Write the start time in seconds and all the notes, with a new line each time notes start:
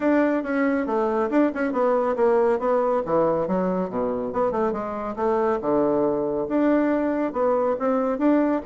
0.00 D4
0.43 C#4
0.86 A3
1.29 D4
1.54 C#4
1.72 B3
2.15 A#3
2.59 B3
3.05 E3
3.47 F#3
3.89 B2
4.32 B3
4.51 A3
4.72 G#3
5.15 A3
5.61 D3
6.48 D4
7.32 B3
7.79 C4
8.18 D4